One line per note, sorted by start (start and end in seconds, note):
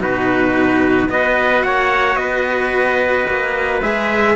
0.00 1.09 B2
0.00 1.09 D#4
0.00 1.11 F#4
0.00 1.10 B4
1.09 1.64 B3
1.09 3.81 F#4
1.09 1.65 B4
1.09 1.63 D#5
1.63 2.16 A#3
1.63 2.20 C#5
1.63 2.16 F#5
2.16 3.25 B3
2.16 4.36 B4
2.16 3.80 D#5
3.30 3.83 A#3
3.82 4.36 G#3
3.82 4.36 G#4
3.82 4.36 E5